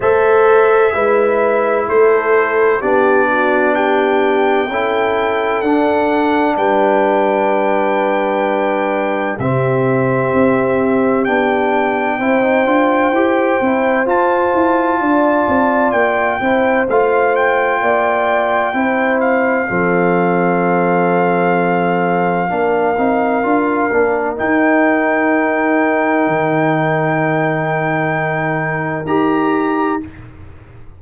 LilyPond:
<<
  \new Staff \with { instrumentName = "trumpet" } { \time 4/4 \tempo 4 = 64 e''2 c''4 d''4 | g''2 fis''4 g''4~ | g''2 e''2 | g''2. a''4~ |
a''4 g''4 f''8 g''4.~ | g''8 f''2.~ f''8~ | f''2 g''2~ | g''2. ais''4 | }
  \new Staff \with { instrumentName = "horn" } { \time 4/4 c''4 b'4 a'4 g'8 fis'8 | g'4 a'2 b'4~ | b'2 g'2~ | g'4 c''2. |
d''4. c''4. d''4 | c''4 a'2. | ais'1~ | ais'1 | }
  \new Staff \with { instrumentName = "trombone" } { \time 4/4 a'4 e'2 d'4~ | d'4 e'4 d'2~ | d'2 c'2 | d'4 e'16 dis'16 f'8 g'8 e'8 f'4~ |
f'4. e'8 f'2 | e'4 c'2. | d'8 dis'8 f'8 d'8 dis'2~ | dis'2. g'4 | }
  \new Staff \with { instrumentName = "tuba" } { \time 4/4 a4 gis4 a4 b4~ | b4 cis'4 d'4 g4~ | g2 c4 c'4 | b4 c'8 d'8 e'8 c'8 f'8 e'8 |
d'8 c'8 ais8 c'8 a4 ais4 | c'4 f2. | ais8 c'8 d'8 ais8 dis'2 | dis2. dis'4 | }
>>